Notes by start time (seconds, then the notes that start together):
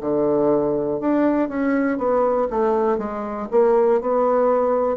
0.00 D3
1.00 D4
1.48 C#4
1.98 B3
2.50 A3
2.97 G#3
3.51 A#3
4.01 B3